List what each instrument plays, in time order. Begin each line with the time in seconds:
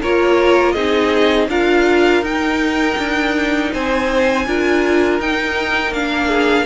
0.00 cello A#3, viola F4, violin A#4 C#5
0.72 cello C4, viola D#4, violin G#4 D#5
1.48 cello D4, viola F4, violin A#4 F5
2.22 cello D#4, viola D#4, violin G5
2.97 cello D4
3.72 cello C4, violin C5 G#5
4.46 cello D4, viola F4, violin A#4
5.19 cello D#4, viola D#4, violin G5
5.91 cello A#3, viola D4, violin F5
6.27 violin G#4